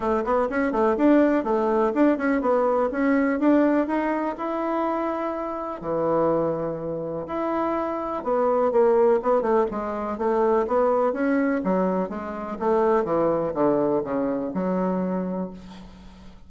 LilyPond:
\new Staff \with { instrumentName = "bassoon" } { \time 4/4 \tempo 4 = 124 a8 b8 cis'8 a8 d'4 a4 | d'8 cis'8 b4 cis'4 d'4 | dis'4 e'2. | e2. e'4~ |
e'4 b4 ais4 b8 a8 | gis4 a4 b4 cis'4 | fis4 gis4 a4 e4 | d4 cis4 fis2 | }